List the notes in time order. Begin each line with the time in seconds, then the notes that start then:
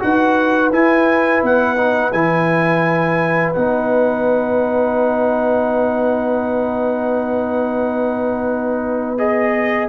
0.00 D#4 F#4 B4 F#5
0.72 E4 G#5
1.43 B3 F#5
1.77 D#4
2.12 E3 E4 G#5
3.53 B3 D#4 F#5
9.18 G#4 D#5